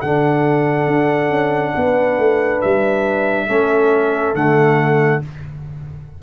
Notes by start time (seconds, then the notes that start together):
0.00 D3 D4 A4 F#5
0.87 D4
1.30 C#4
1.76 B3 B4
2.19 A3
2.62 G3 E5
3.47 A3 C#4 A4
4.35 D3 A3 F#5